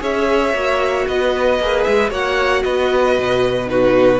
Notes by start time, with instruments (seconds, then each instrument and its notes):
0.00 cello C#4, viola G#4, violin C#5 E5
0.54 cello A#3, viola F#4
1.08 cello B3, violin B4 D#5
1.60 cello A#3, viola G#4
1.84 cello G#3, violin E5
2.10 cello A#3, viola F#4, violin C#5 F#5
2.64 cello B3, violin B4 D#5
3.19 cello B2
3.67 viola D#4, violin F#4 B4